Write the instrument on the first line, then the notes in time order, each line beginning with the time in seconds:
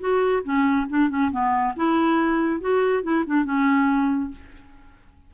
clarinet
0.00 F#4
0.44 C#4
0.89 D4
1.09 C#4
1.32 B3
1.76 E4
2.61 F#4
3.03 E4
3.26 D4
3.45 C#4